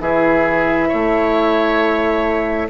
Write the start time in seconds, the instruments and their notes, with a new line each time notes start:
0.00 bassoon E3, clarinet E4, oboe G#4, flute E5
0.89 bassoon A3, oboe C#5